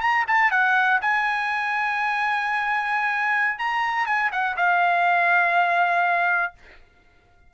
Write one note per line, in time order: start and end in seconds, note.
0.00 0.25 A#5
0.27 0.51 A5
0.51 1.00 F#5
1.01 3.58 G#5
3.58 4.06 A#5
4.06 4.30 G#5
4.31 4.56 F#5
4.56 6.53 F5